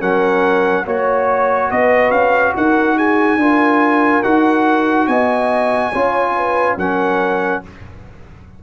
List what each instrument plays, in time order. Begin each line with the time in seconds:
0.00 tuba F#3, trombone C#4, horn A#4, trumpet F#5
0.85 tuba A#3, trombone F#4, horn C#5, trumpet C#5
1.71 tuba B3, horn B4, trumpet D#5
2.11 tuba C#4, trumpet F5
2.56 tuba D#4, horn A#4, trumpet F#5
2.97 horn G#4, trumpet G#5
3.37 tuba D4, trombone F4, horn A#4
4.23 tuba D#4, trombone F#4, trumpet F#5
5.08 tuba B3, horn D#5, trumpet G#5
5.93 tuba C#4, trombone F4, horn C#5
6.36 horn B4
6.78 tuba F#3, trombone C#4, horn A#4, trumpet F#5